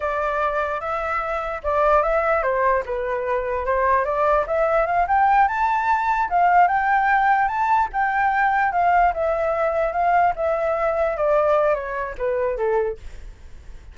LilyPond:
\new Staff \with { instrumentName = "flute" } { \time 4/4 \tempo 4 = 148 d''2 e''2 | d''4 e''4 c''4 b'4~ | b'4 c''4 d''4 e''4 | f''8 g''4 a''2 f''8~ |
f''8 g''2 a''4 g''8~ | g''4. f''4 e''4.~ | e''8 f''4 e''2 d''8~ | d''4 cis''4 b'4 a'4 | }